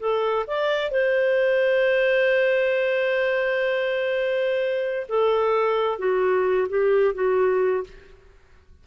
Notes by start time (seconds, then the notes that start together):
0.00 A4
0.47 D5
0.91 C5
5.09 A4
5.99 F#4
6.69 G4
7.15 F#4